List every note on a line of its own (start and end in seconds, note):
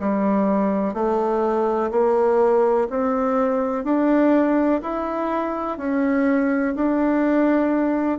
0.00 0.94 G3
0.94 1.91 A3
1.91 2.88 A#3
2.90 3.84 C4
3.84 4.81 D4
4.82 5.78 E4
5.78 6.75 C#4
6.76 8.19 D4